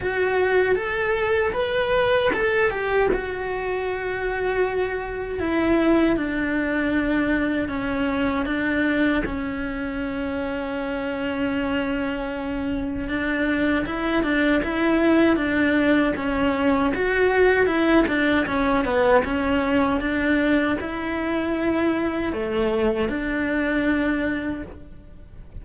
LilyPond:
\new Staff \with { instrumentName = "cello" } { \time 4/4 \tempo 4 = 78 fis'4 a'4 b'4 a'8 g'8 | fis'2. e'4 | d'2 cis'4 d'4 | cis'1~ |
cis'4 d'4 e'8 d'8 e'4 | d'4 cis'4 fis'4 e'8 d'8 | cis'8 b8 cis'4 d'4 e'4~ | e'4 a4 d'2 | }